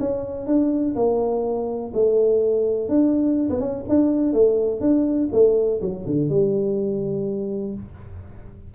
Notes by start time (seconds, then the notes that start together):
0.00 C#4
0.47 D4
0.96 A#3
1.94 A3
2.89 D4
3.50 B3
3.60 C#4
3.89 D4
4.34 A3
4.81 D4
5.33 A3
5.82 F#3
6.07 D3
6.30 G3